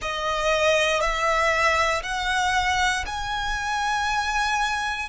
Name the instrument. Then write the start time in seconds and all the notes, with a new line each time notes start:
violin
0.01 D#5
1.00 E5
2.02 F#5
3.06 G#5